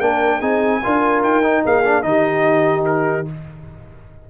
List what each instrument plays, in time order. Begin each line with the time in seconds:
0.00 tuba A#3, trombone D4, horn A#4, trumpet G5
0.39 tuba C4, trombone D#4, horn G#4, trumpet G#5
0.83 tuba D4, trombone F4, horn A#4
1.23 tuba D#4, trumpet G5
1.43 trombone D#4
1.63 tuba A#3, horn G#4, trumpet F5
1.84 trombone D4
2.02 tuba D#3, trombone D#4, horn G4, trumpet D#5
2.85 trumpet A#4